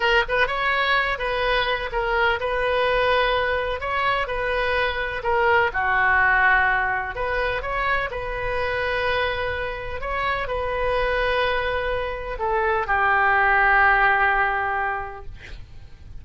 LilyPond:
\new Staff \with { instrumentName = "oboe" } { \time 4/4 \tempo 4 = 126 ais'8 b'8 cis''4. b'4. | ais'4 b'2. | cis''4 b'2 ais'4 | fis'2. b'4 |
cis''4 b'2.~ | b'4 cis''4 b'2~ | b'2 a'4 g'4~ | g'1 | }